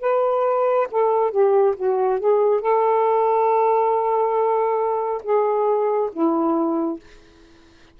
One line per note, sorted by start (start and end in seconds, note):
0.00 0.87 B4
0.91 1.30 A4
1.30 1.74 G4
1.76 2.19 F#4
2.19 2.61 G#4
2.61 5.22 A4
5.23 6.09 G#4
6.12 6.99 E4